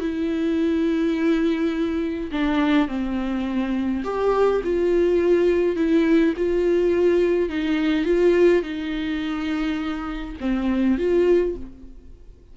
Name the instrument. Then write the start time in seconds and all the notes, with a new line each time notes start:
viola
0.00 E4
2.32 D4
2.88 C4
4.04 G4
4.64 F4
5.76 E4
6.37 F4
7.49 D#4
8.05 F4
8.62 D#4
10.41 C4
10.98 F4